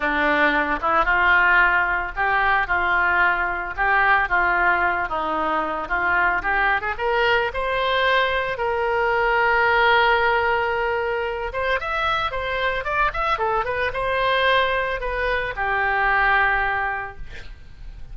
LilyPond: \new Staff \with { instrumentName = "oboe" } { \time 4/4 \tempo 4 = 112 d'4. e'8 f'2 | g'4 f'2 g'4 | f'4. dis'4. f'4 | g'8. gis'16 ais'4 c''2 |
ais'1~ | ais'4. c''8 e''4 c''4 | d''8 e''8 a'8 b'8 c''2 | b'4 g'2. | }